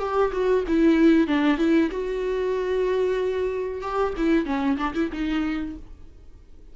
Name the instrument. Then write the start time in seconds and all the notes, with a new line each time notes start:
viola
0.00 G4
0.33 F#4
0.68 E4
1.28 D4
1.58 E4
1.91 F#4
3.82 G4
4.18 E4
4.46 C#4
4.78 D4
4.95 E4
5.13 D#4